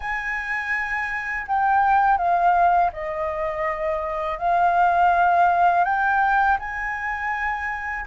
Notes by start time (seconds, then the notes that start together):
0.00 G#5
1.47 G5
2.17 F5
2.93 D#5
4.38 F5
5.84 G5
6.59 G#5